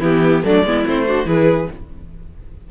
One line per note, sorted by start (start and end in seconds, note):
0.00 0.43 E3
0.00 0.44 B3
0.00 0.42 E4
0.00 0.45 G4
0.44 0.63 F#3
0.44 0.65 A3
0.44 0.66 D4
0.44 0.87 D5
0.63 0.85 G#3
0.63 0.85 B3
0.63 1.08 E4
0.85 1.25 A3
0.85 1.06 C4
0.85 1.29 C5
1.07 1.25 D4
1.07 1.27 F#4
1.25 1.68 E3
1.25 1.68 E4
1.25 1.70 G#4
1.25 1.71 B4